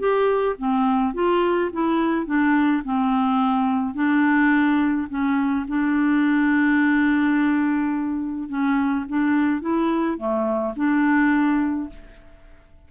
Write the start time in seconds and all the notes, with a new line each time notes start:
0.00 G4
0.59 C4
1.14 F4
1.73 E4
2.26 D4
2.85 C4
3.95 D4
5.10 C#4
5.69 D4
8.49 C#4
9.09 D4
9.62 E4
10.18 A3
10.76 D4